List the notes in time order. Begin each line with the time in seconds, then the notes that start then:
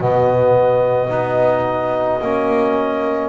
0.00 B2 B3 F#4 D#5
1.09 B3 D#4
2.22 A#3 C#4